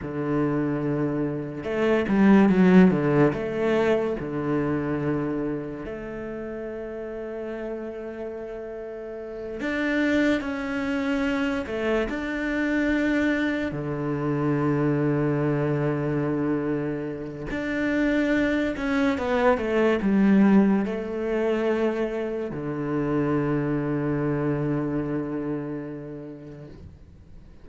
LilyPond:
\new Staff \with { instrumentName = "cello" } { \time 4/4 \tempo 4 = 72 d2 a8 g8 fis8 d8 | a4 d2 a4~ | a2.~ a8 d'8~ | d'8 cis'4. a8 d'4.~ |
d'8 d2.~ d8~ | d4 d'4. cis'8 b8 a8 | g4 a2 d4~ | d1 | }